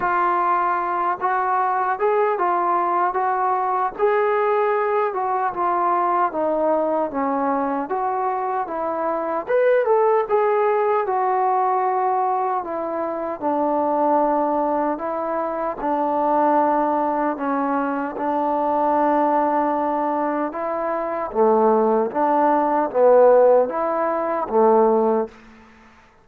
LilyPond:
\new Staff \with { instrumentName = "trombone" } { \time 4/4 \tempo 4 = 76 f'4. fis'4 gis'8 f'4 | fis'4 gis'4. fis'8 f'4 | dis'4 cis'4 fis'4 e'4 | b'8 a'8 gis'4 fis'2 |
e'4 d'2 e'4 | d'2 cis'4 d'4~ | d'2 e'4 a4 | d'4 b4 e'4 a4 | }